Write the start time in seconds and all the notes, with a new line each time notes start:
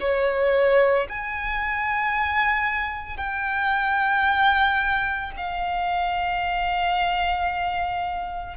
0.00 C#5
1.09 G#5
3.17 G5
5.37 F5